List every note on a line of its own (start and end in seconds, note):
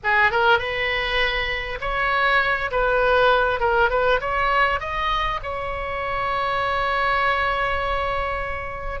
0.03 0.31 G#4
0.31 0.58 A#4
0.58 1.78 B4
1.80 2.70 C#5
2.71 3.60 B4
3.60 3.89 A#4
3.89 4.19 B4
4.20 4.80 C#5
4.80 5.40 D#5
5.42 9.00 C#5